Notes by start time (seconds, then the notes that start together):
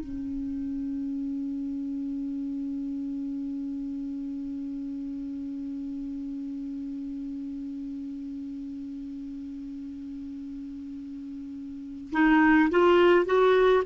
0.00 C#4
12.12 D#4
12.70 F4
13.26 F#4